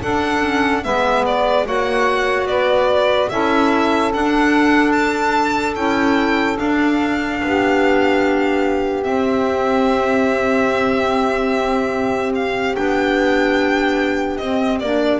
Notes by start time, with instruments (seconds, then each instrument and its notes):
0.00 clarinet D4, double bass D4, saxophone A4, violin F#5
0.41 clarinet C#4
0.84 double bass G#3, clarinet B3, saxophone B4, violin E5
1.26 violin D5
1.65 double bass A#3, clarinet F#4, saxophone C#5, violin F#5
2.45 double bass B3, saxophone B4, violin D5
3.29 double bass C#4, clarinet E4, saxophone A4, violin E5
4.13 clarinet D4, double bass D4, violin F#5
4.92 violin A5
5.75 double bass C#4, clarinet E4, violin G5
6.57 clarinet D4, double bass D4, violin F5
7.43 double bass B3, saxophone G4
9.04 clarinet C4, double bass C4, violin E5
12.35 violin F5
12.76 double bass B3, clarinet D4, violin G5
14.37 double bass C4, clarinet C4, violin D#5
14.80 double bass A#3, clarinet D4, violin D5